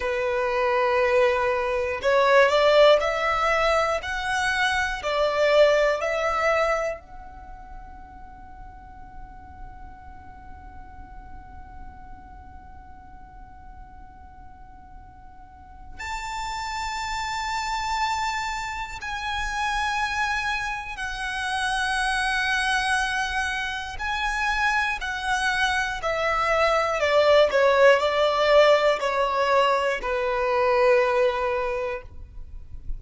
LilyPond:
\new Staff \with { instrumentName = "violin" } { \time 4/4 \tempo 4 = 60 b'2 cis''8 d''8 e''4 | fis''4 d''4 e''4 fis''4~ | fis''1~ | fis''1 |
a''2. gis''4~ | gis''4 fis''2. | gis''4 fis''4 e''4 d''8 cis''8 | d''4 cis''4 b'2 | }